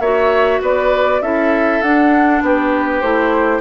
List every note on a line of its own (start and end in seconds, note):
0.00 0.60 A#3
0.00 1.23 F#4
0.00 0.61 C#5
0.00 0.60 E5
0.61 1.21 B3
0.61 1.22 B4
0.61 1.22 D5
1.21 1.81 C#4
1.21 1.83 E4
1.21 2.44 A4
1.21 1.82 E5
1.82 2.42 D4
1.82 3.03 D4
1.82 2.42 F#5
2.42 3.02 B3
2.42 3.61 G4
2.42 3.01 B4
3.01 3.61 A3
3.01 3.61 E4
3.01 3.61 C5